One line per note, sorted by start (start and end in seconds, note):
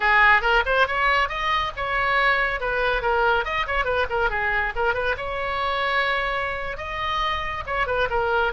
0.00 0.41 G#4
0.41 0.63 A#4
0.65 0.87 C5
0.87 1.28 C#5
1.28 1.71 D#5
1.76 2.60 C#5
2.60 3.02 B4
3.02 3.44 A#4
3.44 3.66 D#5
3.66 3.84 C#5
3.84 4.06 B4
4.09 4.30 A#4
4.30 4.73 G#4
4.75 4.93 A#4
4.93 5.15 B4
5.17 6.77 C#5
6.77 7.63 D#5
7.66 7.87 C#5
7.87 8.08 B4
8.10 8.52 A#4